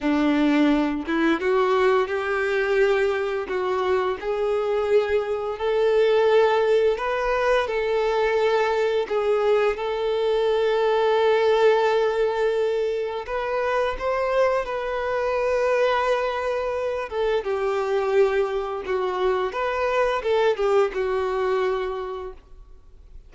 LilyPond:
\new Staff \with { instrumentName = "violin" } { \time 4/4 \tempo 4 = 86 d'4. e'8 fis'4 g'4~ | g'4 fis'4 gis'2 | a'2 b'4 a'4~ | a'4 gis'4 a'2~ |
a'2. b'4 | c''4 b'2.~ | b'8 a'8 g'2 fis'4 | b'4 a'8 g'8 fis'2 | }